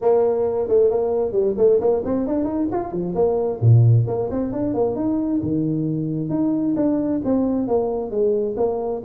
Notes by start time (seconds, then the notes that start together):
0.01 A#3
0.68 A3
0.90 A#3
1.32 G3
1.57 A3
1.80 A#3
2.04 C4
2.27 D4
2.44 D#4
2.71 F4
2.92 F3
3.14 A#3
3.60 A#2
4.07 A#3
4.31 C4
4.52 D4
4.73 A#3
4.95 D#4
5.42 D#3
6.29 D#4
6.76 D4
7.24 C4
7.67 A#3
8.10 G#3
8.56 A#3